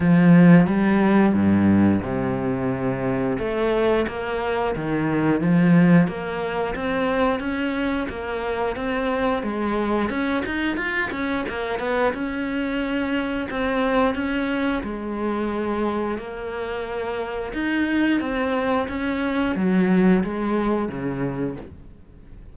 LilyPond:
\new Staff \with { instrumentName = "cello" } { \time 4/4 \tempo 4 = 89 f4 g4 g,4 c4~ | c4 a4 ais4 dis4 | f4 ais4 c'4 cis'4 | ais4 c'4 gis4 cis'8 dis'8 |
f'8 cis'8 ais8 b8 cis'2 | c'4 cis'4 gis2 | ais2 dis'4 c'4 | cis'4 fis4 gis4 cis4 | }